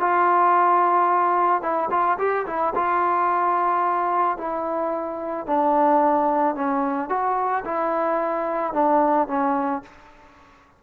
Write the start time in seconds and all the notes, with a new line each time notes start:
0.00 F4
1.62 E4
1.90 F4
2.18 G4
2.46 E4
2.75 F4
4.38 E4
5.47 D4
6.55 C#4
7.09 F#4
7.65 E4
8.73 D4
9.28 C#4